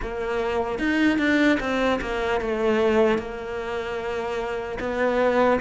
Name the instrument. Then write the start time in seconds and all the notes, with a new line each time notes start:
cello
0.01 A#3
0.79 D#4
1.18 D4
1.60 C4
2.01 A#3
2.40 A3
3.18 A#3
4.79 B3